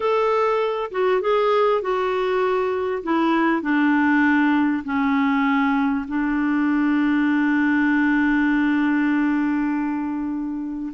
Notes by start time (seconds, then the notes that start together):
0.00 A4
0.91 F#4
1.21 G#4
1.81 F#4
3.03 E4
3.62 D4
4.84 C#4
6.08 D4